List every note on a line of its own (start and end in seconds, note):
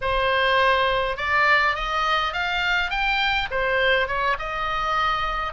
0.01 1.17 C5
1.17 1.75 D5
1.75 2.33 D#5
2.33 2.90 F5
2.90 3.48 G5
3.51 4.07 C5
4.07 4.36 C#5
4.38 5.53 D#5